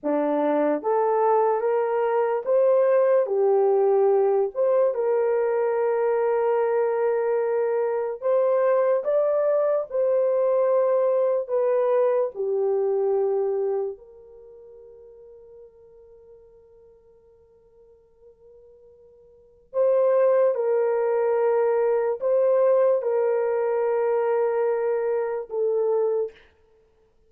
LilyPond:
\new Staff \with { instrumentName = "horn" } { \time 4/4 \tempo 4 = 73 d'4 a'4 ais'4 c''4 | g'4. c''8 ais'2~ | ais'2 c''4 d''4 | c''2 b'4 g'4~ |
g'4 ais'2.~ | ais'1 | c''4 ais'2 c''4 | ais'2. a'4 | }